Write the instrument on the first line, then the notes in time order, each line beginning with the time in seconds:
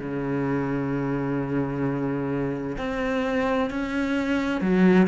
cello
0.00 C#3
2.78 C4
3.70 C#4
4.61 F#3